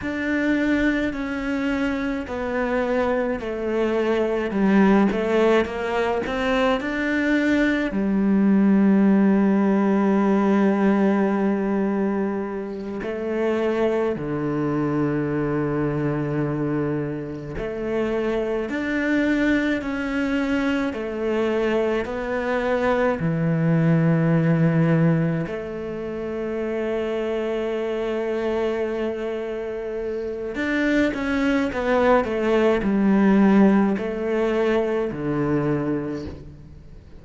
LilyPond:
\new Staff \with { instrumentName = "cello" } { \time 4/4 \tempo 4 = 53 d'4 cis'4 b4 a4 | g8 a8 ais8 c'8 d'4 g4~ | g2.~ g8 a8~ | a8 d2. a8~ |
a8 d'4 cis'4 a4 b8~ | b8 e2 a4.~ | a2. d'8 cis'8 | b8 a8 g4 a4 d4 | }